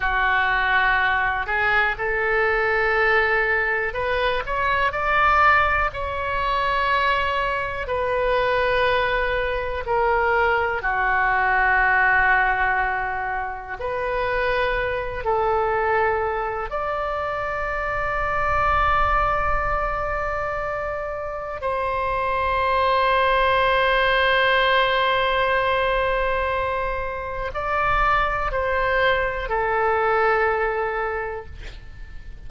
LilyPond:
\new Staff \with { instrumentName = "oboe" } { \time 4/4 \tempo 4 = 61 fis'4. gis'8 a'2 | b'8 cis''8 d''4 cis''2 | b'2 ais'4 fis'4~ | fis'2 b'4. a'8~ |
a'4 d''2.~ | d''2 c''2~ | c''1 | d''4 c''4 a'2 | }